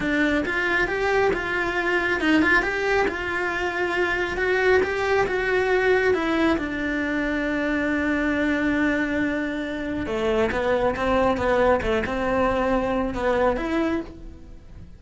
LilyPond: \new Staff \with { instrumentName = "cello" } { \time 4/4 \tempo 4 = 137 d'4 f'4 g'4 f'4~ | f'4 dis'8 f'8 g'4 f'4~ | f'2 fis'4 g'4 | fis'2 e'4 d'4~ |
d'1~ | d'2. a4 | b4 c'4 b4 a8 c'8~ | c'2 b4 e'4 | }